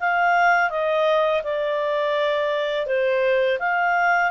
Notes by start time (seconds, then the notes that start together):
0.00 F5
0.70 D#5
1.44 D5
2.87 C5
3.59 F5